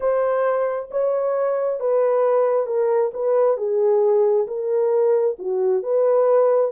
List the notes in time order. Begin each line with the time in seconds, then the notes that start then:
0.00 C5
0.90 C#5
1.80 B4
2.66 A#4
3.13 B4
3.57 G#4
4.47 A#4
5.39 F#4
5.82 B4